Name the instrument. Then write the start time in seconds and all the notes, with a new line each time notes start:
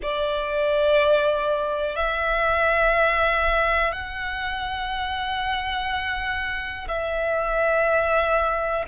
violin
0.02 D5
1.96 E5
3.92 F#5
6.88 E5